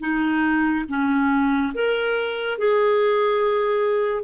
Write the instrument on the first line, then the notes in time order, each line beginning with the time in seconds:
clarinet
0.00 D#4
0.88 C#4
1.74 A#4
2.58 G#4